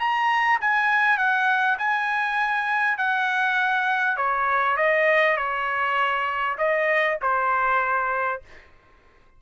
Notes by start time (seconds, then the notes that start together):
0.00 A#5
0.61 G#5
1.18 F#5
1.79 G#5
2.98 F#5
4.17 C#5
4.77 D#5
5.37 C#5
6.58 D#5
7.22 C5